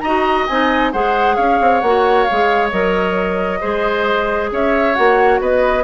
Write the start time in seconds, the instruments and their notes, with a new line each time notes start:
0.00 bassoon D#4, clarinet F#4, oboe D#5, flute A#5
0.47 bassoon C4, clarinet D#4, flute G#5
0.93 bassoon G#3, clarinet G#4, oboe C5, flute F#5
1.36 bassoon C#4, oboe C#5, flute F5
1.61 bassoon C4
1.81 bassoon A#3, clarinet F#4, flute F#5
2.24 flute F5
2.31 bassoon G#3, clarinet G#4
2.71 bassoon F#3, clarinet A#4, flute D#5
3.61 bassoon G#3, clarinet G#4, oboe C5
4.52 bassoon C#4, oboe C#5, flute E5
4.95 bassoon A#3, clarinet F#4, flute F#5
5.40 bassoon B3, oboe B4, flute D#5